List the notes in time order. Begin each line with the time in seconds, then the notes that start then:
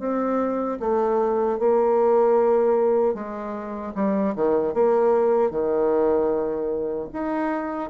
0.00 C4
0.80 A3
1.59 A#3
3.14 G#3
3.95 G3
4.36 D#3
4.74 A#3
5.51 D#3
7.13 D#4